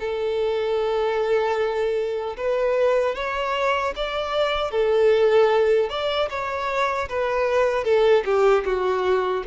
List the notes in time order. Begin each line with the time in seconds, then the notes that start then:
0.00 A4
2.37 B4
3.15 C#5
3.96 D5
4.71 A4
5.90 D5
6.30 C#5
7.09 B4
7.84 A4
8.25 G4
8.65 F#4